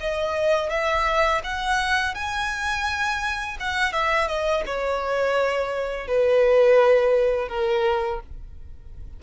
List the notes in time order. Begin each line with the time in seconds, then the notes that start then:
0.00 D#5
0.70 E5
1.44 F#5
2.15 G#5
3.60 F#5
3.93 E5
4.28 D#5
4.66 C#5
6.07 B4
7.49 A#4